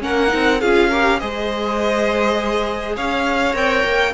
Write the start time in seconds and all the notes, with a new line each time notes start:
0.00 A#3 C#4 A#4 F#5
0.27 D#4
0.34 C4
0.61 C#4 F4 G#4 F5
0.89 G4 A#4
1.19 G#3 G#4 C5 D#5
2.95 C#4 C#5 F5
3.53 C4 A#4 G5
3.84 A#3